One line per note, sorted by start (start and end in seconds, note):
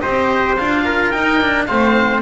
0.00 0.59 C4
0.00 0.57 G4
0.00 0.84 C5
0.00 0.55 D#5
0.56 1.14 D4
0.56 1.13 F4
0.56 1.10 F5
0.84 1.67 A#4
1.10 1.41 D#4
1.10 1.69 D#4
1.10 1.65 G5
1.41 1.68 D4
1.66 2.21 A3
1.66 2.21 C4
1.66 2.21 C5
1.66 2.21 F5